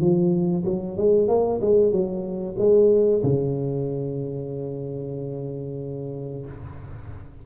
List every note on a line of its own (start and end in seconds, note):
0.00 0.65 F3
0.65 0.97 F#3
0.97 1.28 G#3
1.28 1.61 A#3
1.61 1.92 G#3
1.92 2.56 F#3
2.58 3.23 G#3
3.23 6.46 C#3